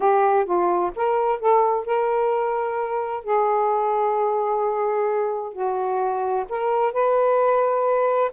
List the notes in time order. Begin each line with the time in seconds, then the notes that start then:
0.00 G4
0.45 F4
0.95 A#4
1.39 A4
1.85 A#4
3.24 G#4
5.52 F#4
6.49 A#4
6.93 B4